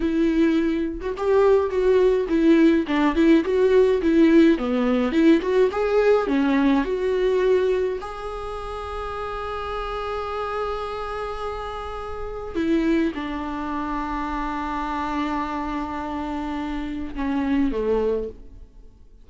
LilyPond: \new Staff \with { instrumentName = "viola" } { \time 4/4 \tempo 4 = 105 e'4.~ e'16 fis'16 g'4 fis'4 | e'4 d'8 e'8 fis'4 e'4 | b4 e'8 fis'8 gis'4 cis'4 | fis'2 gis'2~ |
gis'1~ | gis'2 e'4 d'4~ | d'1~ | d'2 cis'4 a4 | }